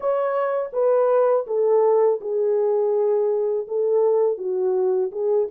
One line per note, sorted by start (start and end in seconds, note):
0.00 0.70 C#5
0.73 1.46 B4
1.46 2.20 A4
2.20 3.67 G#4
3.67 4.37 A4
4.37 5.11 F#4
5.11 5.48 G#4